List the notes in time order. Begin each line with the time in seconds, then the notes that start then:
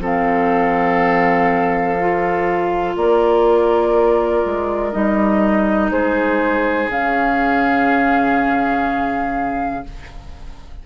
0.00 F3 C4 A4 F5
2.00 F4
2.97 A#3 A#4 D5
4.46 G#3
4.92 G3 D#4 D#5
5.91 G#3 G#4 C5
6.88 C#3 C#4 F5